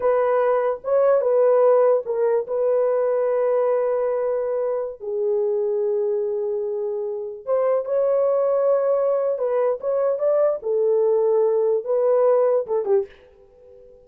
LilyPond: \new Staff \with { instrumentName = "horn" } { \time 4/4 \tempo 4 = 147 b'2 cis''4 b'4~ | b'4 ais'4 b'2~ | b'1~ | b'16 gis'2.~ gis'8.~ |
gis'2~ gis'16 c''4 cis''8.~ | cis''2. b'4 | cis''4 d''4 a'2~ | a'4 b'2 a'8 g'8 | }